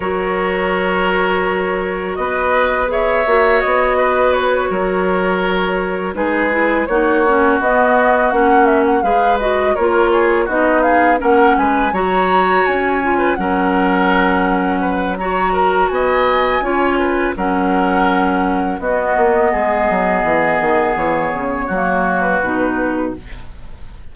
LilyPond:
<<
  \new Staff \with { instrumentName = "flute" } { \time 4/4 \tempo 4 = 83 cis''2. dis''4 | e''4 dis''4 cis''2~ | cis''8 b'4 cis''4 dis''4 fis''8 | e''16 fis''16 f''8 dis''8 cis''4 dis''8 f''8 fis''8 |
gis''8 ais''4 gis''4 fis''4.~ | fis''4 ais''4 gis''2 | fis''2 dis''2~ | dis''4 cis''4.~ cis''16 b'4~ b'16 | }
  \new Staff \with { instrumentName = "oboe" } { \time 4/4 ais'2. b'4 | cis''4. b'4 ais'4.~ | ais'8 gis'4 fis'2~ fis'8~ | fis'8 b'4 ais'8 gis'8 fis'8 gis'8 ais'8 |
b'8 cis''4.~ cis''16 b'16 ais'4.~ | ais'8 b'8 cis''8 ais'8 dis''4 cis''8 b'8 | ais'2 fis'4 gis'4~ | gis'2 fis'2 | }
  \new Staff \with { instrumentName = "clarinet" } { \time 4/4 fis'1 | gis'8 fis'2.~ fis'8~ | fis'8 dis'8 e'8 dis'8 cis'8 b4 cis'8~ | cis'8 gis'8 fis'8 f'4 dis'4 cis'8~ |
cis'8 fis'4. f'8 cis'4.~ | cis'4 fis'2 f'4 | cis'2 b2~ | b2 ais4 dis'4 | }
  \new Staff \with { instrumentName = "bassoon" } { \time 4/4 fis2. b4~ | b8 ais8 b4. fis4.~ | fis8 gis4 ais4 b4 ais8~ | ais8 gis4 ais4 b4 ais8 |
gis8 fis4 cis'4 fis4.~ | fis2 b4 cis'4 | fis2 b8 ais8 gis8 fis8 | e8 dis8 e8 cis8 fis4 b,4 | }
>>